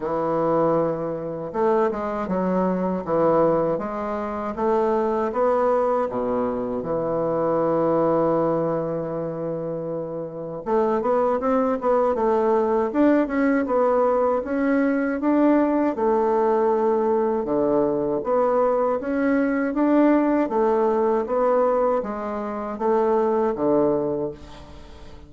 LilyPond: \new Staff \with { instrumentName = "bassoon" } { \time 4/4 \tempo 4 = 79 e2 a8 gis8 fis4 | e4 gis4 a4 b4 | b,4 e2.~ | e2 a8 b8 c'8 b8 |
a4 d'8 cis'8 b4 cis'4 | d'4 a2 d4 | b4 cis'4 d'4 a4 | b4 gis4 a4 d4 | }